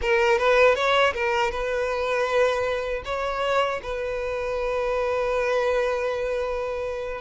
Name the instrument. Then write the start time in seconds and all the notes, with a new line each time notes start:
violin
0.01 A#4
0.38 B4
0.75 C#5
1.13 A#4
1.51 B4
3.04 C#5
3.82 B4